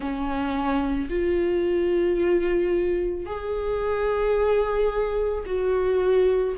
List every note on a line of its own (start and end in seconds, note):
0.00 1.09 C#4
1.09 3.25 F4
3.25 5.43 G#4
5.45 6.55 F#4